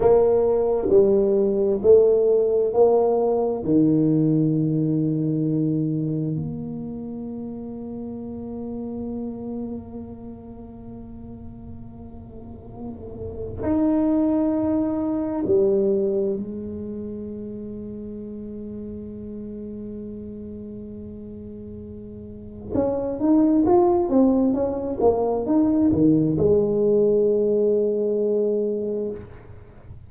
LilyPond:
\new Staff \with { instrumentName = "tuba" } { \time 4/4 \tempo 4 = 66 ais4 g4 a4 ais4 | dis2. ais4~ | ais1~ | ais2. dis'4~ |
dis'4 g4 gis2~ | gis1~ | gis4 cis'8 dis'8 f'8 c'8 cis'8 ais8 | dis'8 dis8 gis2. | }